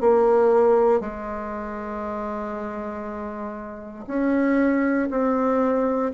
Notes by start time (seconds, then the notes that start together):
0.00 A#3
1.00 G#3
4.07 C#4
5.10 C4